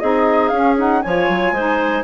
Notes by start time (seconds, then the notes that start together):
0.00 C4 D#4 G#4 D#5
0.48 C#4 F5
0.54 C#4
0.78 D#4 F#5
1.02 F3 F4 C#5 G#5
1.29 F#3
1.52 G#3 D#4 C5